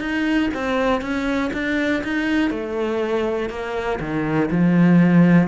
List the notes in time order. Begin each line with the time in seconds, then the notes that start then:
0.00 D#4
0.54 C4
1.01 C#4
1.53 D4
2.04 D#4
2.51 A3
3.50 A#3
4.00 D#3
4.51 F3